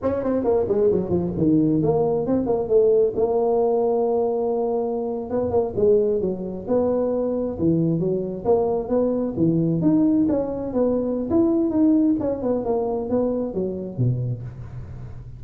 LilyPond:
\new Staff \with { instrumentName = "tuba" } { \time 4/4 \tempo 4 = 133 cis'8 c'8 ais8 gis8 fis8 f8 dis4 | ais4 c'8 ais8 a4 ais4~ | ais2.~ ais8. b16~ | b16 ais8 gis4 fis4 b4~ b16~ |
b8. e4 fis4 ais4 b16~ | b8. e4 dis'4 cis'4 b16~ | b4 e'4 dis'4 cis'8 b8 | ais4 b4 fis4 b,4 | }